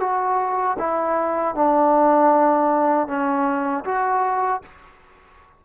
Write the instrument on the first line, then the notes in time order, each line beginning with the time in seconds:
trombone
0.00 F#4
0.79 E4
1.55 D4
3.07 C#4
3.85 F#4